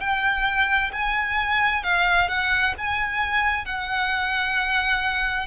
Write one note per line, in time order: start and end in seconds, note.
0.00 0.91 G5
0.93 1.83 G#5
1.83 2.29 F5
2.29 2.74 F#5
2.78 3.65 G#5
3.65 5.47 F#5